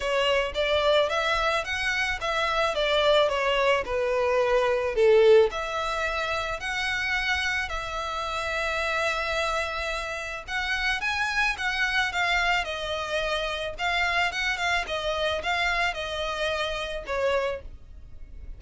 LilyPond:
\new Staff \with { instrumentName = "violin" } { \time 4/4 \tempo 4 = 109 cis''4 d''4 e''4 fis''4 | e''4 d''4 cis''4 b'4~ | b'4 a'4 e''2 | fis''2 e''2~ |
e''2. fis''4 | gis''4 fis''4 f''4 dis''4~ | dis''4 f''4 fis''8 f''8 dis''4 | f''4 dis''2 cis''4 | }